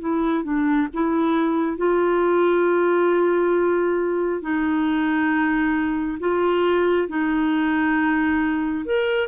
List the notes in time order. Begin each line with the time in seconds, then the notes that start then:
0.00 E4
0.44 D4
0.94 E4
1.78 F4
4.42 D#4
6.20 F4
7.09 D#4
8.86 A#4